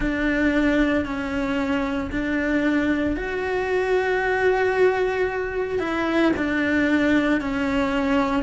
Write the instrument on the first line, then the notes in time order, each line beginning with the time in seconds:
cello
0.00 D4
1.05 C#4
2.11 D4
3.16 F#4
5.79 E4
6.36 D4
7.40 C#4